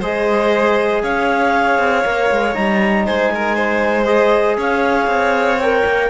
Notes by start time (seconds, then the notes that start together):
0.00 G#3 G#4 C5 D#5
1.03 C#4 C#5 F5
1.78 C4
2.05 A#3 A#4
2.31 G#3
2.54 G3 D#4 A#5
3.05 G#3 C5 G#5
3.34 A#4
3.55 C5
4.05 G#4 D#5
4.57 C#4 C#5 F5
5.07 C4
5.60 A#4 G5
5.85 A#3